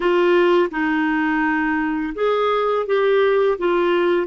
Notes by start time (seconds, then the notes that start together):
0.00 F4
0.70 D#4
2.15 G#4
2.86 G4
3.58 F4